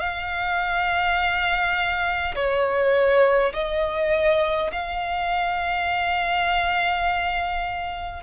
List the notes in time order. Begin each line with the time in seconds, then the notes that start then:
0.00 F5
2.35 C#5
3.53 D#5
4.73 F5